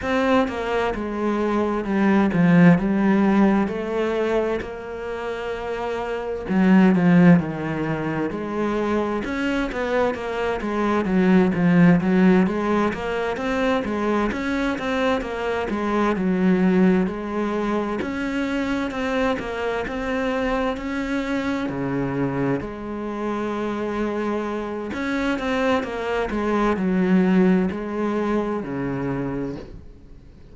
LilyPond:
\new Staff \with { instrumentName = "cello" } { \time 4/4 \tempo 4 = 65 c'8 ais8 gis4 g8 f8 g4 | a4 ais2 fis8 f8 | dis4 gis4 cis'8 b8 ais8 gis8 | fis8 f8 fis8 gis8 ais8 c'8 gis8 cis'8 |
c'8 ais8 gis8 fis4 gis4 cis'8~ | cis'8 c'8 ais8 c'4 cis'4 cis8~ | cis8 gis2~ gis8 cis'8 c'8 | ais8 gis8 fis4 gis4 cis4 | }